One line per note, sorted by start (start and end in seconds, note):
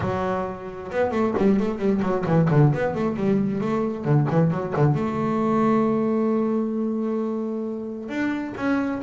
0.00 0.90 F#3
0.91 1.11 B3
1.11 1.33 A3
1.37 1.59 G3
1.59 1.78 A3
1.78 2.00 G3
2.02 2.24 F#3
2.26 2.48 E3
2.50 2.73 D3
2.73 2.94 B3
2.94 3.16 A3
3.16 3.60 G3
3.60 4.04 A3
4.04 4.27 D3
4.30 4.51 E3
4.51 4.73 F#3
4.76 4.95 D3
4.95 8.08 A3
8.08 8.53 D4
8.56 9.01 C#4